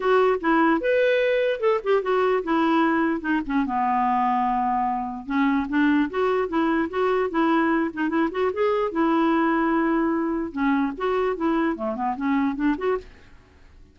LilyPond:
\new Staff \with { instrumentName = "clarinet" } { \time 4/4 \tempo 4 = 148 fis'4 e'4 b'2 | a'8 g'8 fis'4 e'2 | dis'8 cis'8 b2.~ | b4 cis'4 d'4 fis'4 |
e'4 fis'4 e'4. dis'8 | e'8 fis'8 gis'4 e'2~ | e'2 cis'4 fis'4 | e'4 a8 b8 cis'4 d'8 fis'8 | }